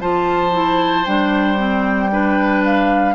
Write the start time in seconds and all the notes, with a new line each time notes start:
0.00 F3 F4 C5 A5
0.52 E4
1.05 G3 D4 G5
1.57 C4
2.11 D4 B4
2.64 F5